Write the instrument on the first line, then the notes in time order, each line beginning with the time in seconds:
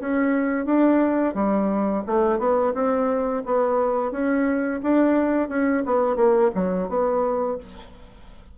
bassoon
0.00 C#4
0.66 D4
1.35 G3
2.07 A3
2.39 B3
2.74 C4
3.45 B3
4.12 C#4
4.83 D4
5.49 C#4
5.86 B3
6.16 A#3
6.55 F#3
6.89 B3